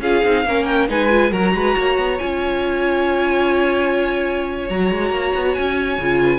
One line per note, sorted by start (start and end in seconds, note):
0.00 0.22 C#4
0.00 0.24 F4
0.00 0.45 G#4
0.00 0.65 F5
0.24 0.45 C4
0.24 0.46 D#4
0.45 0.89 A#3
0.45 0.88 C#4
0.45 0.89 A#4
0.65 0.86 G5
0.88 1.32 G#3
0.88 1.09 D#4
0.88 1.31 B4
0.88 1.33 G#5
1.09 1.31 F4
1.31 1.53 F#3
1.31 2.19 F#4
1.31 1.53 A#4
1.31 2.18 A#5
1.53 1.75 G#3
1.53 1.77 B4
1.77 1.97 A#3
1.77 6.22 C#5
1.97 2.19 B3
2.18 4.69 C#4
2.18 4.69 F4
2.18 4.68 G#5
4.69 4.91 F#3
4.69 6.00 F#4
4.69 5.54 A#5
4.91 5.10 G#3
5.10 5.31 A#3
5.35 5.56 B3
5.54 5.98 C#4
5.54 6.39 G#5
5.98 6.39 C#3
5.98 6.39 F4
6.22 6.39 B4